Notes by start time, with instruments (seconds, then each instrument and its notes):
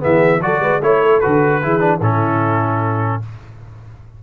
0.00 tuba E3, trombone B3, horn G#4, trumpet E5
0.41 tuba F#3, trombone F#4, horn A4, trumpet D5
0.60 tuba G#3, horn B4
0.81 tuba A3, trombone E4, trumpet C#5, horn C#5
1.03 horn A4
1.20 tuba D3, trombone F#4, trumpet B4
1.63 tuba E3, trombone E4, horn G#4
1.80 trombone D4
2.00 tuba A2, trombone C#4, horn E4, trumpet A4